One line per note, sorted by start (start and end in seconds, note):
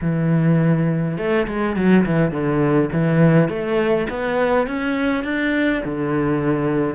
0.01 1.17 E3
1.17 1.46 A3
1.47 1.76 G#3
1.76 2.05 F#3
2.05 2.31 E3
2.31 2.89 D3
2.92 3.48 E3
3.48 4.07 A3
4.09 4.67 B3
4.67 5.23 C#4
5.23 5.82 D4
5.84 6.95 D3